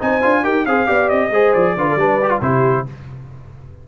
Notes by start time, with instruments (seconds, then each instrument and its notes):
0.00 tuba C4, trombone D#4, horn C5, trumpet G#5
0.22 tuba D4, trombone F4
0.44 tuba D#4, trombone G4, horn A#4, trumpet G5
0.66 tuba C4, trombone G#4, horn C5, trumpet F5
0.87 tuba B3, trombone G4, horn D5
1.09 tuba C4, trumpet D#5
1.31 tuba G#3, trombone G#4, horn C5
1.54 tuba F3, trumpet D5
1.76 tuba D3, trombone F4, horn B4
1.90 horn A4
1.96 tuba G3, trombone D4, horn B4
2.23 trombone G4
2.30 trombone F4
2.41 tuba C3, trombone E4, horn G4, trumpet C5